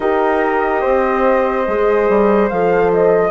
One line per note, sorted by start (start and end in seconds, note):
0.00 0.84 D#4
0.00 1.67 G4
0.00 0.81 A#4
0.00 2.49 D#5
0.81 1.67 C4
0.81 3.31 C5
1.67 2.08 G#3
1.67 2.51 G#4
2.08 2.50 G3
2.49 3.31 F3
2.49 3.31 A4
2.49 2.90 F5
2.93 3.31 D#5